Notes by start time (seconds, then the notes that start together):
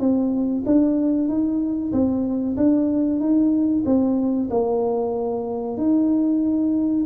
0.00 C4
0.66 D4
1.29 D#4
1.93 C4
2.57 D4
3.20 D#4
3.86 C4
4.51 A#3
5.78 D#4